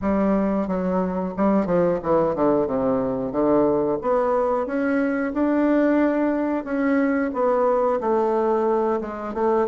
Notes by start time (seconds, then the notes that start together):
0.01 G3
0.67 F#3
1.36 G3
1.65 F3
2.02 E3
2.35 D3
2.66 C3
3.32 D3
4.01 B3
4.66 C#4
5.33 D4
6.64 C#4
7.33 B3
8.00 A3
9.00 G#3
9.34 A3